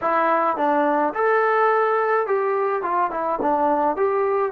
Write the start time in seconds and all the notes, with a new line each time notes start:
0.01 E4
0.57 D4
1.13 A4
2.26 G4
2.82 F4
3.10 E4
3.41 D4
3.96 G4